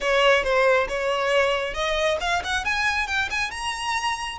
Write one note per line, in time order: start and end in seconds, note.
0.00 0.43 C#5
0.43 0.87 C5
0.88 1.73 C#5
1.73 2.17 D#5
2.20 2.42 F5
2.44 2.64 F#5
2.64 3.07 G#5
3.07 3.29 G5
3.30 3.51 G#5
3.51 4.38 A#5